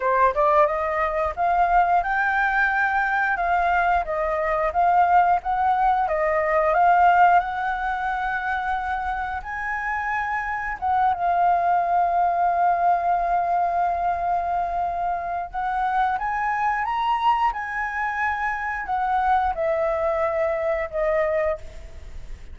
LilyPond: \new Staff \with { instrumentName = "flute" } { \time 4/4 \tempo 4 = 89 c''8 d''8 dis''4 f''4 g''4~ | g''4 f''4 dis''4 f''4 | fis''4 dis''4 f''4 fis''4~ | fis''2 gis''2 |
fis''8 f''2.~ f''8~ | f''2. fis''4 | gis''4 ais''4 gis''2 | fis''4 e''2 dis''4 | }